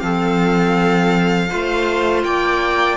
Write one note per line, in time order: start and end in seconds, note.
0.00 1.51 F3
0.00 1.49 C4
0.00 1.50 A4
0.00 2.22 F5
1.50 2.25 A3
1.50 2.98 F4
1.50 2.25 C5
2.24 2.98 A#3
2.24 2.98 D5
2.24 2.98 G5